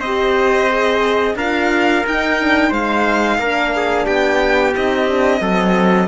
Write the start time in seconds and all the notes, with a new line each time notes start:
0.00 C4 G4 C5 D#5
0.70 G#4
1.36 D4 F4 A#4 F5
2.07 D#4 G5
2.40 D4
2.70 G#3 D#4 C5 F5
3.39 A#3 D4 A#4
3.77 G#4
4.06 B3 G4 G5
4.75 C4 D#4 D#5
5.08 D4
5.41 F#3 C4 A4